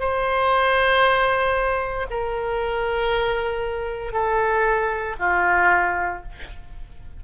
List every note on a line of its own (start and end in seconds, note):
0.00 2.07 C5
2.11 4.13 A#4
4.13 5.16 A4
5.20 6.23 F4